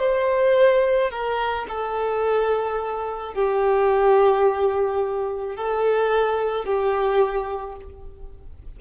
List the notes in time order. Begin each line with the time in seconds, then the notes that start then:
0.00 C5
1.11 A#4
1.69 A4
3.34 G4
5.57 A4
6.65 G4